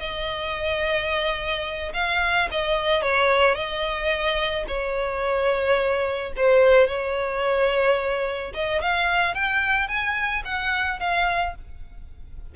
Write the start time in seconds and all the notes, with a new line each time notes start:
0.00 D#5
1.94 F5
2.51 D#5
3.02 C#5
3.55 D#5
4.68 C#5
6.37 C5
6.87 C#5
8.54 D#5
8.82 F5
9.35 G5
9.88 G#5
10.45 F#5
11.00 F5